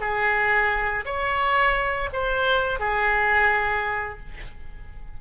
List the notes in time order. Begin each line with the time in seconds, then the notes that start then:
0.00 G#4
1.05 C#5
2.13 C5
2.79 G#4